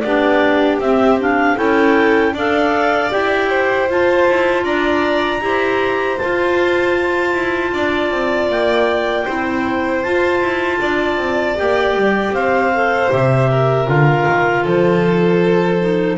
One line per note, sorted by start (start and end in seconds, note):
0.00 0.79 B3
0.00 0.81 D4
0.00 1.57 G4
0.00 0.77 D5
0.79 1.56 C4
0.79 1.20 C4
0.79 1.19 E5
1.20 1.57 D4
1.20 1.57 F5
1.57 2.33 C#4
1.57 2.33 E4
1.57 2.34 A4
1.57 2.34 G5
2.33 3.10 D4
2.33 3.11 A4
2.33 3.49 D5
2.33 3.12 F5
3.11 3.89 E4
3.11 3.88 G4
3.11 3.88 G5
3.49 4.64 C5
3.89 4.28 F4
3.89 5.41 F4
3.89 4.64 A5
4.29 4.64 E4
4.64 5.41 D4
4.64 5.41 D5
4.64 6.18 A#5
5.41 6.18 E4
5.41 6.18 G4
5.41 7.74 C5
6.18 9.27 F4
6.18 7.34 F4
6.18 8.49 A5
7.34 7.72 E4
7.73 8.11 D4
7.73 9.25 D5
8.11 8.49 C4
8.49 9.26 A#3
8.49 10.03 G5
9.25 10.05 C4
9.25 10.04 E4
9.25 10.79 C5
10.03 11.57 F4
10.03 10.41 F4
10.03 11.57 A5
10.41 10.80 E4
10.81 11.17 D4
10.81 12.35 D5
11.17 11.56 C4
11.57 11.96 A#3
11.57 12.72 G4
11.57 12.34 G5
11.96 12.31 G3
12.31 13.08 C4
12.31 13.50 C5
12.31 13.11 F5
12.73 13.11 A4
13.11 13.88 C3
13.11 13.86 G4
13.11 13.89 E5
13.51 14.63 A#4
13.86 14.26 D3
13.86 15.78 F4
13.86 14.66 F5
14.28 14.66 D#3
14.63 16.18 F3
14.63 16.17 A4
14.63 16.18 C5
15.80 16.18 D#4